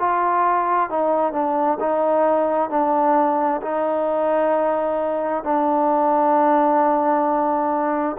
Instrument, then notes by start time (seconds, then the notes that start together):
trombone
0.00 F4
0.90 D#4
1.33 D4
1.80 D#4
2.70 D4
3.62 D#4
5.44 D4